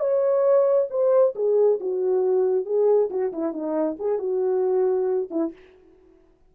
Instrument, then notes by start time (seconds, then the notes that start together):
horn
0.00 C#5
0.90 C5
1.36 G#4
1.80 F#4
2.66 G#4
3.10 F#4
3.33 E4
3.53 D#4
3.99 G#4
4.19 F#4
5.31 E4